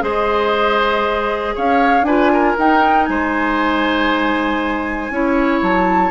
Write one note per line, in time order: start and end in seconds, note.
0.00 1.54 G#3
0.00 2.03 G#4
0.00 1.55 C5
0.00 1.55 D#5
1.55 2.02 C#4
1.55 2.06 C#5
1.55 2.04 F5
2.02 2.53 D4
2.02 2.57 F4
2.02 2.32 B4
2.02 2.55 G#5
2.32 3.09 A#4
2.57 5.11 D#4
2.57 3.08 D#4
2.57 3.05 G5
3.05 5.10 G#3
3.05 5.12 C5
3.05 5.60 G#5
5.10 5.60 C#4
5.10 6.10 E4
5.10 6.10 C#5
5.62 6.10 F#3
5.62 6.10 A5